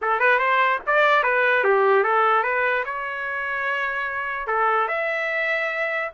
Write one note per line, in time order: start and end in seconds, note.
0.01 0.19 A4
0.19 0.38 B4
0.38 0.79 C5
0.86 1.23 D5
1.23 1.63 B4
1.64 2.03 G4
2.03 2.43 A4
2.43 2.83 B4
2.85 4.47 C#5
4.47 4.88 A4
4.88 6.10 E5